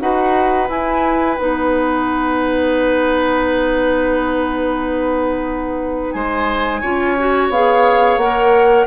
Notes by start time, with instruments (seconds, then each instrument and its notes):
0.00 bassoon D#4, clarinet F#4, oboe B4, flute F#5
0.67 clarinet E4, bassoon E4, flute G#5
1.37 bassoon B3, clarinet D#4, flute F#5
6.12 bassoon G#3, oboe C5, flute G#5
6.81 bassoon C#4, clarinet F4, oboe C#5
7.18 clarinet F#4
7.49 bassoon B3, clarinet G#4, flute F5
8.17 bassoon A#3, clarinet A#4, flute F#5